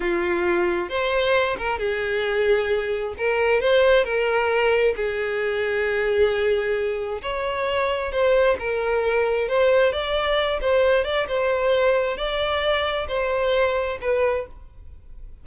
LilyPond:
\new Staff \with { instrumentName = "violin" } { \time 4/4 \tempo 4 = 133 f'2 c''4. ais'8 | gis'2. ais'4 | c''4 ais'2 gis'4~ | gis'1 |
cis''2 c''4 ais'4~ | ais'4 c''4 d''4. c''8~ | c''8 d''8 c''2 d''4~ | d''4 c''2 b'4 | }